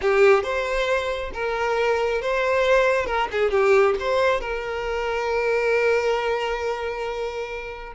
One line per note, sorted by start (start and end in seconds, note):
0.01 0.43 G4
0.43 1.31 C5
1.33 2.21 A#4
2.21 3.05 C5
3.05 3.27 A#4
3.31 3.51 G#4
3.51 3.95 G4
3.99 4.40 C5
4.40 7.93 A#4